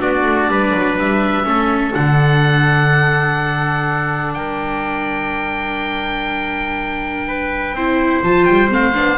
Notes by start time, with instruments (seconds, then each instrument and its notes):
0.00 double bass B3, viola D4, trumpet F#4, oboe D5
0.24 double bass A3
0.48 double bass G3, trumpet B4
0.74 double bass F#3
0.97 double bass G3, oboe E5
1.44 double bass A3, viola C#4, trumpet A4
1.94 double bass D3, viola D4, oboe F#5
4.34 double bass G3, trumpet A#4, oboe G5
7.28 trumpet B4
7.73 double bass C4, viola E4, trumpet C5
8.23 double bass F3, viola F4, oboe A5
8.45 double bass G3, oboe G5
8.69 double bass A3, viola C4, oboe F5
8.95 double bass B3, viola D4